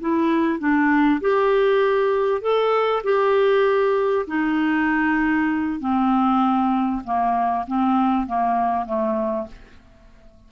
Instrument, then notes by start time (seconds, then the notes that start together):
clarinet
0.00 E4
0.59 D4
1.21 G4
2.41 A4
3.03 G4
4.27 D#4
5.80 C4
7.04 A#3
7.67 C4
8.26 A#3
8.86 A3